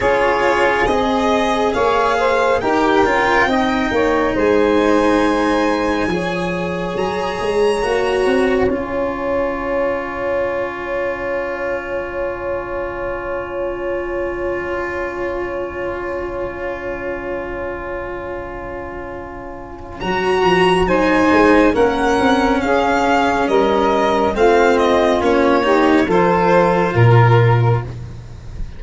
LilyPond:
<<
  \new Staff \with { instrumentName = "violin" } { \time 4/4 \tempo 4 = 69 cis''4 dis''4 f''4 g''4~ | g''4 gis''2. | ais''2 gis''2~ | gis''1~ |
gis''1~ | gis''2. ais''4 | gis''4 fis''4 f''4 dis''4 | f''8 dis''8 cis''4 c''4 ais'4 | }
  \new Staff \with { instrumentName = "saxophone" } { \time 4/4 gis'2 cis''8 c''8 ais'4 | dis''8 cis''8 c''2 cis''4~ | cis''1~ | cis''1~ |
cis''1~ | cis''1 | c''4 ais'4 gis'4 ais'4 | f'4. g'8 a'4 ais'4 | }
  \new Staff \with { instrumentName = "cello" } { \time 4/4 f'4 gis'2 g'8 f'8 | dis'2. gis'4~ | gis'4 fis'4 f'2~ | f'1~ |
f'1~ | f'2. fis'4 | dis'4 cis'2. | c'4 cis'8 dis'8 f'2 | }
  \new Staff \with { instrumentName = "tuba" } { \time 4/4 cis'4 c'4 ais4 dis'8 cis'8 | c'8 ais8 gis2 f4 | fis8 gis8 ais8 c'8 cis'2~ | cis'1~ |
cis'1~ | cis'2. fis8 f8 | fis8 gis8 ais8 c'8 cis'4 g4 | a4 ais4 f4 ais,4 | }
>>